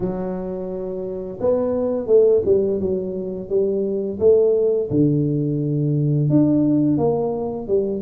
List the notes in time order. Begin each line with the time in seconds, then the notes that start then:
0.00 F#3
1.40 B3
2.06 A3
2.45 G3
2.80 F#3
3.49 G3
4.19 A3
4.90 D3
6.29 D4
6.97 A#3
7.67 G3